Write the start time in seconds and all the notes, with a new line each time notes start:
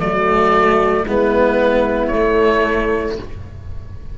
0.00 F#3 A3 F#4 D5
1.05 G#3 B3 E4 B4
2.07 A3 C#5